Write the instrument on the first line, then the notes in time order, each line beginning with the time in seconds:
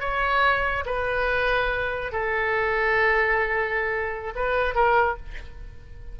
oboe
0.00 C#5
0.85 B4
2.12 A4
4.35 B4
4.75 A#4